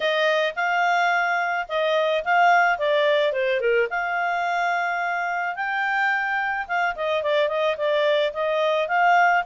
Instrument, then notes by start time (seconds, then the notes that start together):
clarinet
0.00 D#5
0.55 F5
1.68 D#5
2.24 F5
2.78 D5
3.32 C5
3.60 A#4
3.89 F5
5.55 G5
6.67 F5
6.95 D#5
7.22 D5
7.48 D#5
7.77 D5
8.33 D#5
8.87 F5